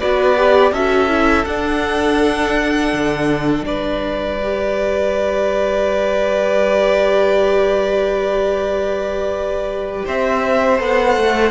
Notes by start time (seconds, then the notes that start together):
0.00 B3 F#4 B4 D5
0.37 G4
0.72 C#4 F#4 A4 E5
1.09 E4
1.45 D4 F#5
2.93 D3
3.63 G3 B4 D5
4.43 G4
10.06 C4 C5 E5
10.78 B3 A4 F#5
11.17 A3